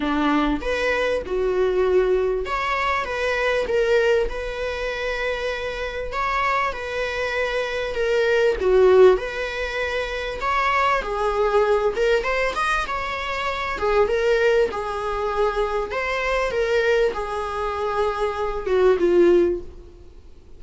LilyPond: \new Staff \with { instrumentName = "viola" } { \time 4/4 \tempo 4 = 98 d'4 b'4 fis'2 | cis''4 b'4 ais'4 b'4~ | b'2 cis''4 b'4~ | b'4 ais'4 fis'4 b'4~ |
b'4 cis''4 gis'4. ais'8 | c''8 dis''8 cis''4. gis'8 ais'4 | gis'2 c''4 ais'4 | gis'2~ gis'8 fis'8 f'4 | }